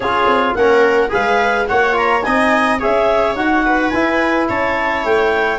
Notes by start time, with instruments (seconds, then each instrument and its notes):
0.00 tuba C#4, trombone F4, viola G#4, clarinet C#5
0.26 tuba C4
0.54 tuba A#3, trombone C#4, viola A#4, clarinet F#5
1.09 tuba G#3, trombone G#4, viola B4, clarinet F5
1.68 tuba A#3, trombone F#4, viola C#5, clarinet F#5
1.92 trombone F4, clarinet A#5
2.22 tuba C4, trombone D#4, viola D#5, clarinet G#5
2.79 tuba C#4, trombone G#4, viola C#5, clarinet E5
3.35 tuba D#4, trombone F#4, clarinet F#5
3.65 viola B4
3.89 trombone E4, tuba E4, clarinet G#5
4.49 tuba C#4, viola C#5, clarinet A5
5.04 tuba A3, clarinet G5